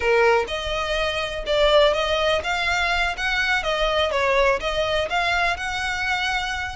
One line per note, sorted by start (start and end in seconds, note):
0.00 0.45 A#4
0.47 1.44 D#5
1.46 1.93 D5
1.93 2.41 D#5
2.43 3.16 F5
3.17 3.63 F#5
3.63 4.11 D#5
4.11 4.59 C#5
4.60 5.08 D#5
5.09 5.56 F5
5.56 6.75 F#5